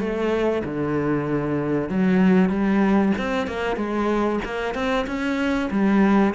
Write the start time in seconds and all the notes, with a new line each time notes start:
0.00 A3
0.65 D3
1.89 F#3
2.49 G3
3.18 C4
3.47 A#3
3.77 G#3
4.45 A#3
4.75 C4
5.07 C#4
5.71 G3